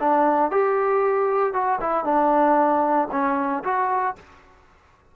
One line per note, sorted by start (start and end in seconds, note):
0.00 0.51 D4
0.51 1.54 G4
1.54 1.80 F#4
1.81 2.05 E4
2.05 3.08 D4
3.12 3.63 C#4
3.64 4.16 F#4